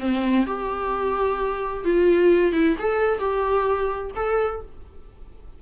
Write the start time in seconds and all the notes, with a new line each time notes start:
0.00 C4
0.46 G4
1.85 F4
2.53 E4
2.79 A4
3.19 G4
4.16 A4